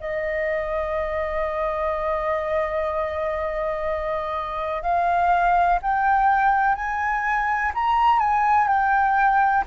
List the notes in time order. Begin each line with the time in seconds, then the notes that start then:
0.00 D#5
4.82 F5
5.82 G5
6.75 G#5
7.74 A#5
8.19 G#5
8.67 G5